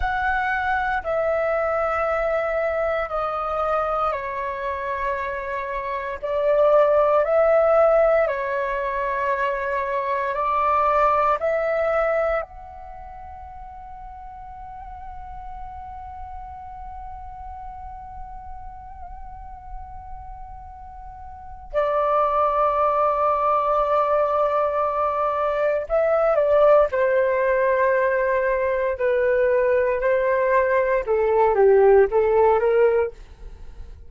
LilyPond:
\new Staff \with { instrumentName = "flute" } { \time 4/4 \tempo 4 = 58 fis''4 e''2 dis''4 | cis''2 d''4 e''4 | cis''2 d''4 e''4 | fis''1~ |
fis''1~ | fis''4 d''2.~ | d''4 e''8 d''8 c''2 | b'4 c''4 a'8 g'8 a'8 ais'8 | }